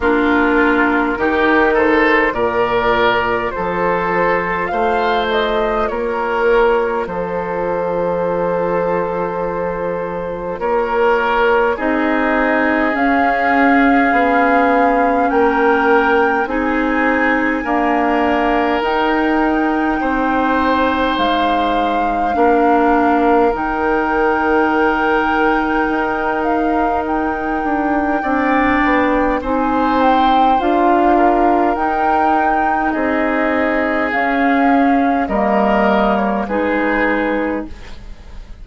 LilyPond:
<<
  \new Staff \with { instrumentName = "flute" } { \time 4/4 \tempo 4 = 51 ais'4. c''8 d''4 c''4 | f''8 dis''8 cis''4 c''2~ | c''4 cis''4 dis''4 f''4~ | f''4 g''4 gis''2 |
g''2 f''2 | g''2~ g''8 f''8 g''4~ | g''4 gis''8 g''8 f''4 g''4 | dis''4 f''4 dis''8. cis''16 b'4 | }
  \new Staff \with { instrumentName = "oboe" } { \time 4/4 f'4 g'8 a'8 ais'4 a'4 | c''4 ais'4 a'2~ | a'4 ais'4 gis'2~ | gis'4 ais'4 gis'4 ais'4~ |
ais'4 c''2 ais'4~ | ais'1 | d''4 c''4. ais'4. | gis'2 ais'4 gis'4 | }
  \new Staff \with { instrumentName = "clarinet" } { \time 4/4 d'4 dis'4 f'2~ | f'1~ | f'2 dis'4 cis'4~ | cis'2 dis'4 ais4 |
dis'2. d'4 | dis'1 | d'4 dis'4 f'4 dis'4~ | dis'4 cis'4 ais4 dis'4 | }
  \new Staff \with { instrumentName = "bassoon" } { \time 4/4 ais4 dis4 ais,4 f4 | a4 ais4 f2~ | f4 ais4 c'4 cis'4 | b4 ais4 c'4 d'4 |
dis'4 c'4 gis4 ais4 | dis2 dis'4. d'8 | c'8 b8 c'4 d'4 dis'4 | c'4 cis'4 g4 gis4 | }
>>